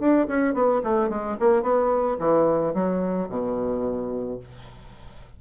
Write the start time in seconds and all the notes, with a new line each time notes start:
0.00 D4
0.28 C#4
0.54 B3
0.84 A3
1.10 G#3
1.40 A#3
1.63 B3
2.20 E3
2.74 F#3
3.30 B2